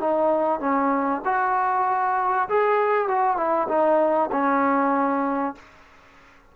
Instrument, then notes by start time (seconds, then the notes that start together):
trombone
0.00 D#4
0.60 C#4
1.25 F#4
2.49 G#4
3.08 F#4
3.37 E4
3.68 D#4
4.32 C#4